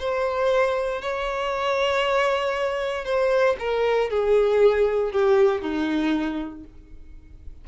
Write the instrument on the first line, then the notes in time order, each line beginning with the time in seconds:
violin
0.00 C5
1.02 C#5
3.05 C5
3.60 A#4
4.10 G#4
5.12 G4
5.62 D#4